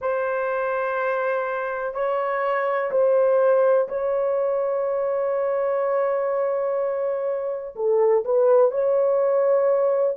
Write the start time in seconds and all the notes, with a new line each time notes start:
0.00 C5
1.94 C#5
2.91 C5
3.88 C#5
7.75 A4
8.24 B4
8.71 C#5